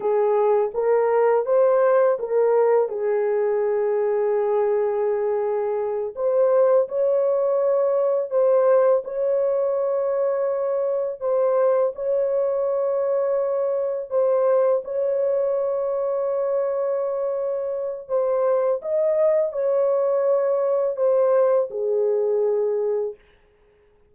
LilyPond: \new Staff \with { instrumentName = "horn" } { \time 4/4 \tempo 4 = 83 gis'4 ais'4 c''4 ais'4 | gis'1~ | gis'8 c''4 cis''2 c''8~ | c''8 cis''2. c''8~ |
c''8 cis''2. c''8~ | c''8 cis''2.~ cis''8~ | cis''4 c''4 dis''4 cis''4~ | cis''4 c''4 gis'2 | }